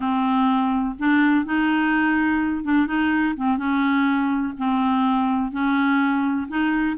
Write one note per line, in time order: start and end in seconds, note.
0.00 0.95 C4
0.98 1.45 D4
1.45 2.64 D#4
2.64 2.86 D4
2.86 3.34 D#4
3.36 3.57 C4
3.57 4.53 C#4
4.58 5.51 C4
5.51 6.47 C#4
6.48 6.96 D#4